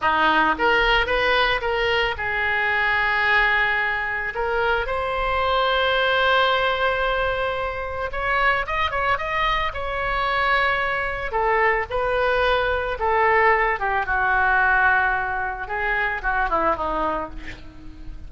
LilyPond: \new Staff \with { instrumentName = "oboe" } { \time 4/4 \tempo 4 = 111 dis'4 ais'4 b'4 ais'4 | gis'1 | ais'4 c''2.~ | c''2. cis''4 |
dis''8 cis''8 dis''4 cis''2~ | cis''4 a'4 b'2 | a'4. g'8 fis'2~ | fis'4 gis'4 fis'8 e'8 dis'4 | }